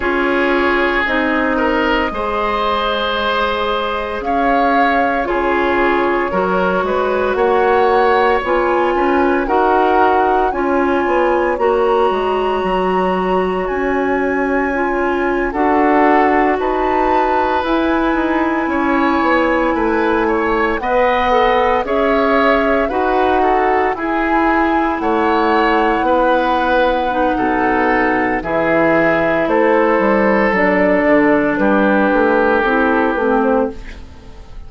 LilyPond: <<
  \new Staff \with { instrumentName = "flute" } { \time 4/4 \tempo 4 = 57 cis''4 dis''2. | f''4 cis''2 fis''4 | gis''4 fis''4 gis''4 ais''4~ | ais''4 gis''4.~ gis''16 fis''4 a''16~ |
a''8. gis''2. fis''16~ | fis''8. e''4 fis''4 gis''4 fis''16~ | fis''2. e''4 | c''4 d''4 b'4 a'8 b'16 c''16 | }
  \new Staff \with { instrumentName = "oboe" } { \time 4/4 gis'4. ais'8 c''2 | cis''4 gis'4 ais'8 b'8 cis''4~ | cis''8 b'8 ais'4 cis''2~ | cis''2~ cis''8. a'4 b'16~ |
b'4.~ b'16 cis''4 b'8 cis''8 dis''16~ | dis''8. cis''4 b'8 a'8 gis'4 cis''16~ | cis''8. b'4~ b'16 a'4 gis'4 | a'2 g'2 | }
  \new Staff \with { instrumentName = "clarinet" } { \time 4/4 f'4 dis'4 gis'2~ | gis'4 f'4 fis'2 | f'4 fis'4 f'4 fis'4~ | fis'2 f'8. fis'4~ fis'16~ |
fis'8. e'2. b'16~ | b'16 a'8 gis'4 fis'4 e'4~ e'16~ | e'4.~ e'16 dis'4~ dis'16 e'4~ | e'4 d'2 e'8 c'8 | }
  \new Staff \with { instrumentName = "bassoon" } { \time 4/4 cis'4 c'4 gis2 | cis'4 cis4 fis8 gis8 ais4 | b8 cis'8 dis'4 cis'8 b8 ais8 gis8 | fis4 cis'4.~ cis'16 d'4 dis'16~ |
dis'8. e'8 dis'8 cis'8 b8 a4 b16~ | b8. cis'4 dis'4 e'4 a16~ | a8. b4~ b16 b,4 e4 | a8 g8 fis8 d8 g8 a8 c'8 a8 | }
>>